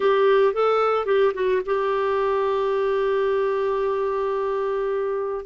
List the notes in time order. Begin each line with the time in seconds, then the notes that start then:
0.00 G4
0.53 A4
1.05 G4
1.34 F#4
1.65 G4